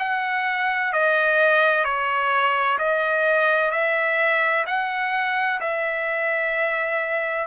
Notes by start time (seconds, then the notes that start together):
0.00 F#5
0.93 D#5
1.85 C#5
2.79 D#5
3.72 E5
4.67 F#5
5.61 E5